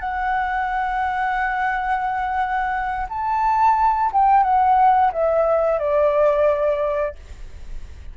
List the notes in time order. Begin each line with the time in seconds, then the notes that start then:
0.00 F#5
3.09 A5
4.12 G5
4.43 F#5
5.13 E5
5.79 D5